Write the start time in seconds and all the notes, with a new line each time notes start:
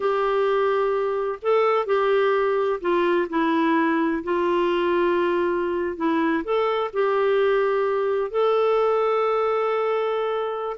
0.00 G4
1.42 A4
1.86 G4
2.81 F4
3.29 E4
4.23 F4
5.96 E4
6.43 A4
6.93 G4
8.31 A4